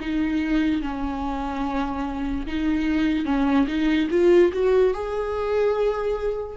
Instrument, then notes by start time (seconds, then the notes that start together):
viola
0.00 D#4
0.81 C#4
2.46 D#4
3.25 C#4
3.67 D#4
4.10 F4
4.52 F#4
4.93 G#4